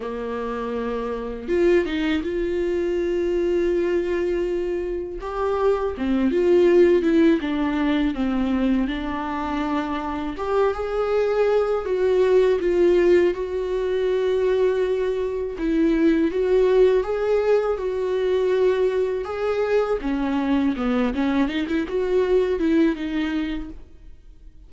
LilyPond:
\new Staff \with { instrumentName = "viola" } { \time 4/4 \tempo 4 = 81 ais2 f'8 dis'8 f'4~ | f'2. g'4 | c'8 f'4 e'8 d'4 c'4 | d'2 g'8 gis'4. |
fis'4 f'4 fis'2~ | fis'4 e'4 fis'4 gis'4 | fis'2 gis'4 cis'4 | b8 cis'8 dis'16 e'16 fis'4 e'8 dis'4 | }